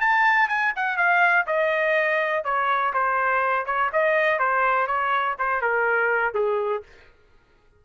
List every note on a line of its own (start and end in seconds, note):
0.00 0.48 A5
0.48 0.73 G#5
0.75 0.97 F#5
0.97 1.45 F5
1.46 2.44 D#5
2.44 2.93 C#5
2.93 3.65 C5
3.65 3.90 C#5
3.92 4.39 D#5
4.39 4.87 C5
4.87 5.35 C#5
5.38 5.61 C5
5.61 6.34 A#4
6.34 6.83 G#4